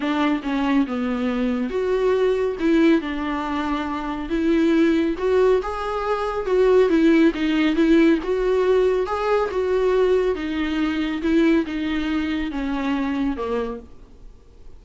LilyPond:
\new Staff \with { instrumentName = "viola" } { \time 4/4 \tempo 4 = 139 d'4 cis'4 b2 | fis'2 e'4 d'4~ | d'2 e'2 | fis'4 gis'2 fis'4 |
e'4 dis'4 e'4 fis'4~ | fis'4 gis'4 fis'2 | dis'2 e'4 dis'4~ | dis'4 cis'2 ais4 | }